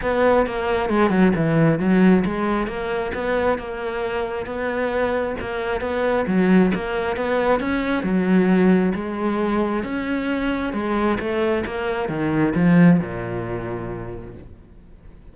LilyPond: \new Staff \with { instrumentName = "cello" } { \time 4/4 \tempo 4 = 134 b4 ais4 gis8 fis8 e4 | fis4 gis4 ais4 b4 | ais2 b2 | ais4 b4 fis4 ais4 |
b4 cis'4 fis2 | gis2 cis'2 | gis4 a4 ais4 dis4 | f4 ais,2. | }